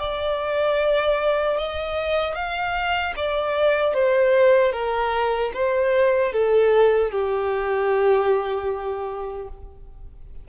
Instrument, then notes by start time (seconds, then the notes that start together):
violin
0.00 D5
1.58 D#5
2.35 F5
3.17 D5
3.94 C5
4.73 A#4
5.54 C5
6.33 A4
7.12 G4